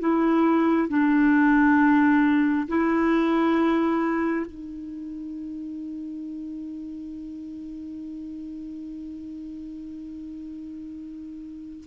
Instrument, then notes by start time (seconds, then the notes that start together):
clarinet
0.00 E4
0.89 D4
2.68 E4
4.47 D#4